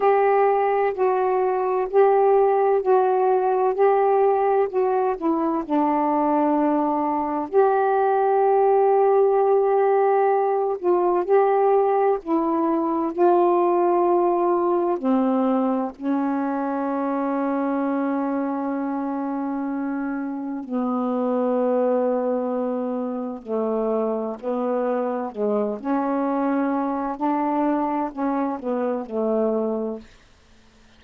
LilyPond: \new Staff \with { instrumentName = "saxophone" } { \time 4/4 \tempo 4 = 64 g'4 fis'4 g'4 fis'4 | g'4 fis'8 e'8 d'2 | g'2.~ g'8 f'8 | g'4 e'4 f'2 |
c'4 cis'2.~ | cis'2 b2~ | b4 a4 b4 gis8 cis'8~ | cis'4 d'4 cis'8 b8 a4 | }